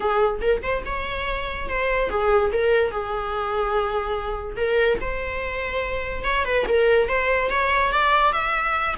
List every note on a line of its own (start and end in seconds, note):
0.00 0.40 G#4
0.41 0.62 A#4
0.62 0.83 C5
0.85 1.68 C#5
1.68 2.09 C5
2.09 2.51 G#4
2.52 2.91 A#4
2.91 4.57 G#4
4.57 4.98 A#4
5.00 6.23 C5
6.23 6.44 C#5
6.44 6.65 B4
6.67 7.08 A#4
7.08 7.50 C5
7.50 7.91 C#5
7.91 8.32 D5
8.32 8.94 E5